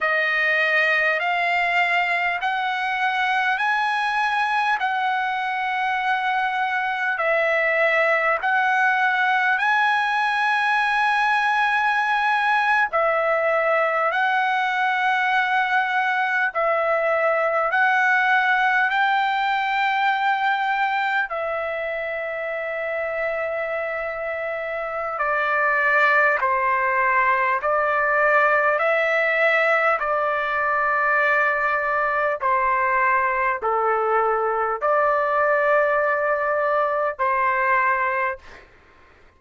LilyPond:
\new Staff \with { instrumentName = "trumpet" } { \time 4/4 \tempo 4 = 50 dis''4 f''4 fis''4 gis''4 | fis''2 e''4 fis''4 | gis''2~ gis''8. e''4 fis''16~ | fis''4.~ fis''16 e''4 fis''4 g''16~ |
g''4.~ g''16 e''2~ e''16~ | e''4 d''4 c''4 d''4 | e''4 d''2 c''4 | a'4 d''2 c''4 | }